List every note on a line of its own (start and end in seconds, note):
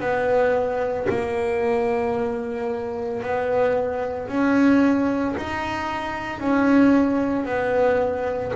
0.00 1.07 B3
1.10 3.23 A#3
3.23 4.29 B3
4.29 5.36 C#4
5.38 6.40 D#4
6.40 7.46 C#4
7.46 8.53 B3